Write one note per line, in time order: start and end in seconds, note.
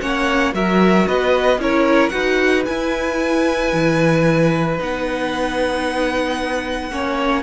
0.00 0.54 A#3
0.00 0.53 C#4
0.00 0.55 C#5
0.00 0.53 F#5
0.53 1.07 F#3
0.53 1.59 F#4
0.53 1.08 A#4
0.53 1.08 E5
1.08 1.58 B3
1.08 1.61 B4
1.08 1.61 D#5
1.58 2.11 C#4
1.58 2.11 E4
1.58 2.13 A#4
1.58 2.10 C#5
2.10 2.66 D#4
2.10 2.64 F#4
2.10 6.91 B4
2.10 2.63 F#5
2.66 4.78 E4
2.66 3.73 E4
2.66 4.78 G#5
3.73 4.79 E3
4.78 6.90 B3
4.78 6.91 D#4
4.78 7.43 F#5
6.90 7.43 A#3
6.90 7.43 C#4
6.90 7.43 C#5